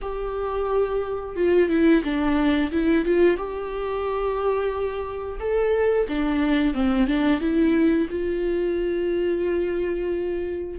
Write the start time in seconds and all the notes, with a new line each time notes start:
0.01 G4
1.35 F4
1.69 E4
2.03 D4
2.71 E4
3.05 F4
3.37 G4
5.39 A4
6.08 D4
6.74 C4
7.07 D4
7.40 E4
8.10 F4